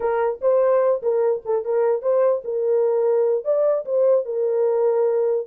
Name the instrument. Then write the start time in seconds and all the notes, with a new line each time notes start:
horn
0.00 A#4
0.41 C5
1.02 A#4
1.45 A4
1.64 A#4
2.02 C5
2.44 A#4
3.44 D5
3.85 C5
4.25 A#4